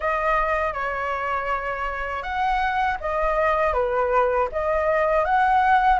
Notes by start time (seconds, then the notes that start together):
0.00 D#5
0.73 C#5
2.22 F#5
3.00 D#5
3.73 B4
4.52 D#5
5.25 F#5